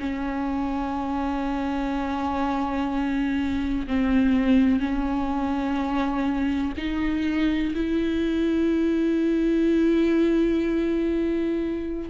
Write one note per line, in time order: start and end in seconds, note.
0.00 3.87 C#4
3.88 4.80 C4
4.80 6.73 C#4
6.78 7.75 D#4
7.75 12.10 E4